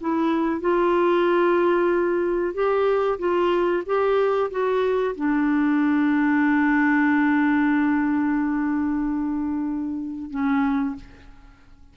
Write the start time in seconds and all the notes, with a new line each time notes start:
0.00 E4
0.60 F4
2.54 G4
3.19 F4
3.86 G4
4.50 F#4
5.16 D4
10.30 C#4